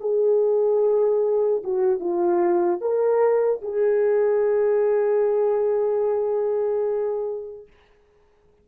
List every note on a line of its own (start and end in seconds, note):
0.00 1.62 G#4
1.64 1.99 F#4
1.99 2.80 F4
2.81 3.62 A#4
3.62 7.67 G#4